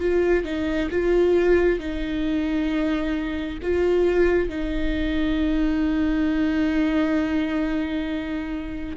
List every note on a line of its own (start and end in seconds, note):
0.00 0.45 F4
0.45 0.90 D#4
0.91 1.80 F4
1.80 3.59 D#4
3.62 4.49 F4
4.49 8.97 D#4